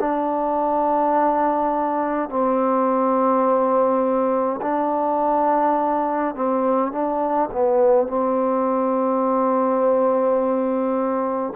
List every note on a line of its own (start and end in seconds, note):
0.00 2.30 D4
2.30 4.60 C4
4.62 6.35 D4
6.35 6.92 C4
6.92 7.50 D4
7.52 8.08 B3
8.08 11.54 C4